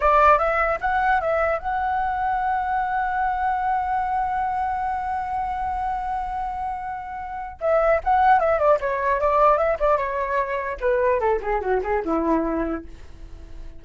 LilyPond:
\new Staff \with { instrumentName = "flute" } { \time 4/4 \tempo 4 = 150 d''4 e''4 fis''4 e''4 | fis''1~ | fis''1~ | fis''1~ |
fis''2. e''4 | fis''4 e''8 d''8 cis''4 d''4 | e''8 d''8 cis''2 b'4 | a'8 gis'8 fis'8 gis'8 e'2 | }